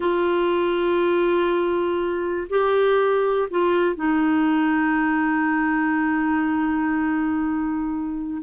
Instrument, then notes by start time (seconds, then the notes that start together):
clarinet
0.00 F4
2.49 G4
3.50 F4
3.95 D#4